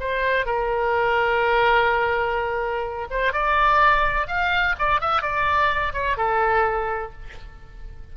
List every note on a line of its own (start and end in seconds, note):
0.00 0.46 C5
0.46 3.08 A#4
3.10 3.33 C5
3.33 4.28 D5
4.28 4.76 F5
4.79 5.01 D5
5.01 5.22 E5
5.22 5.94 D5
5.94 6.17 C#5
6.18 7.13 A4